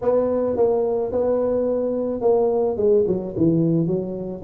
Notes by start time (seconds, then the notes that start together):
0.01 B3
0.56 A#3
1.12 B3
2.21 A#3
2.77 G#3
3.07 F#3
3.36 E3
3.86 F#3